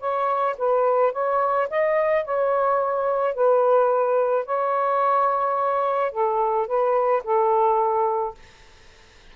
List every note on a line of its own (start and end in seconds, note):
0.00 0.56 C#5
0.58 1.13 B4
1.13 1.68 C#5
1.70 2.25 D#5
2.25 3.35 C#5
3.35 4.46 B4
4.46 6.12 C#5
6.12 6.67 A4
6.67 7.23 B4
7.24 8.35 A4